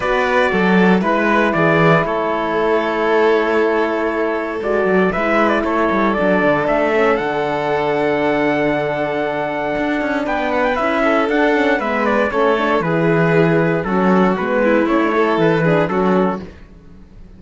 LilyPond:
<<
  \new Staff \with { instrumentName = "trumpet" } { \time 4/4 \tempo 4 = 117 d''2 b'4 d''4 | cis''1~ | cis''4 d''4 e''8. d''16 cis''4 | d''4 e''4 fis''2~ |
fis''1 | g''8 fis''16 g''16 e''4 fis''4 e''8 d''8 | cis''4 b'2 a'4 | b'4 cis''4 b'4 a'4 | }
  \new Staff \with { instrumentName = "violin" } { \time 4/4 b'4 a'4 b'4 gis'4 | a'1~ | a'2 b'4 a'4~ | a'1~ |
a'1 | b'4. a'4. b'4 | a'4 gis'2 fis'4~ | fis'8 e'4 a'4 gis'8 fis'4 | }
  \new Staff \with { instrumentName = "horn" } { \time 4/4 fis'2 e'2~ | e'1~ | e'4 fis'4 e'2 | d'4. cis'8 d'2~ |
d'1~ | d'4 e'4 d'8 cis'8 b4 | cis'8 d'8 e'2 cis'4 | b4 cis'16 d'16 e'4 d'8 cis'4 | }
  \new Staff \with { instrumentName = "cello" } { \time 4/4 b4 fis4 gis4 e4 | a1~ | a4 gis8 fis8 gis4 a8 g8 | fis8 d8 a4 d2~ |
d2. d'8 cis'8 | b4 cis'4 d'4 gis4 | a4 e2 fis4 | gis4 a4 e4 fis4 | }
>>